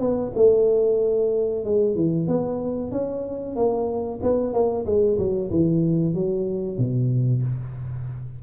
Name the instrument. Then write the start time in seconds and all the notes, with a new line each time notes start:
tuba
0.00 B3
0.36 A3
1.65 G#3
1.96 E3
2.28 B3
2.91 C#4
3.56 A#3
4.23 B3
4.53 A#3
4.86 G#3
5.18 F#3
5.51 E3
6.14 F#3
6.78 B2